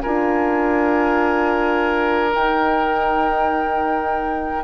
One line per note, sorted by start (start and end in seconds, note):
0.00 2.35 D4
0.00 2.32 F4
0.00 4.63 A#4
0.00 2.31 G#5
2.32 4.63 D#4
2.32 4.63 G5